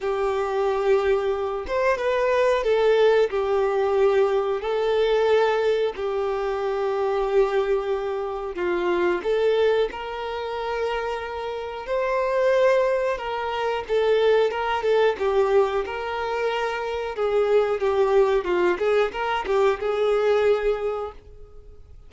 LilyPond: \new Staff \with { instrumentName = "violin" } { \time 4/4 \tempo 4 = 91 g'2~ g'8 c''8 b'4 | a'4 g'2 a'4~ | a'4 g'2.~ | g'4 f'4 a'4 ais'4~ |
ais'2 c''2 | ais'4 a'4 ais'8 a'8 g'4 | ais'2 gis'4 g'4 | f'8 gis'8 ais'8 g'8 gis'2 | }